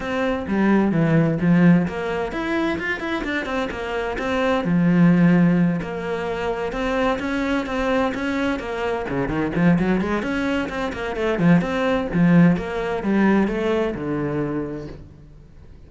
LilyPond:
\new Staff \with { instrumentName = "cello" } { \time 4/4 \tempo 4 = 129 c'4 g4 e4 f4 | ais4 e'4 f'8 e'8 d'8 c'8 | ais4 c'4 f2~ | f8 ais2 c'4 cis'8~ |
cis'8 c'4 cis'4 ais4 cis8 | dis8 f8 fis8 gis8 cis'4 c'8 ais8 | a8 f8 c'4 f4 ais4 | g4 a4 d2 | }